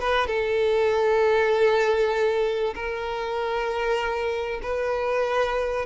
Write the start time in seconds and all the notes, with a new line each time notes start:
0.00 B4
0.27 A4
2.75 A#4
4.63 B4